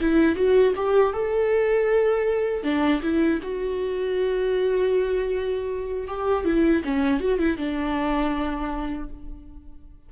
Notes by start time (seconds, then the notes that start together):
0.00 E4
0.35 F#4
0.75 G4
1.13 A4
2.63 D4
3.02 E4
3.42 F#4
6.07 G4
6.45 E4
6.84 C#4
7.20 F#4
7.38 E4
7.57 D4